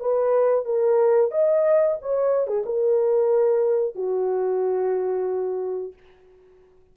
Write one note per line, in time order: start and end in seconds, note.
0.00 0.65 B4
0.65 1.31 A#4
1.31 1.97 D#5
2.01 2.47 C#5
2.47 2.64 G#4
2.66 3.95 A#4
3.95 5.93 F#4